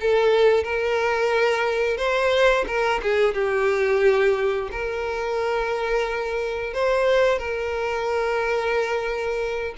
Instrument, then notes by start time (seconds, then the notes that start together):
violin
0.00 A4
0.63 A#4
1.97 C5
2.67 A#4
3.02 G#4
3.34 G4
4.71 A#4
6.74 C5
7.38 A#4